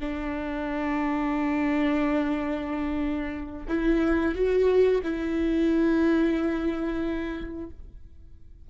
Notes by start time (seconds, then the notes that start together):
0.00 D4
3.68 E4
4.35 F#4
5.03 E4